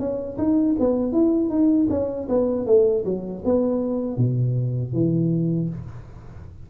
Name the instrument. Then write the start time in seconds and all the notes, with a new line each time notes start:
tuba
0.00 C#4
0.38 D#4
0.80 B3
1.13 E4
1.50 D#4
1.90 C#4
2.29 B3
2.67 A3
3.05 F#3
3.45 B3
4.18 B2
4.93 E3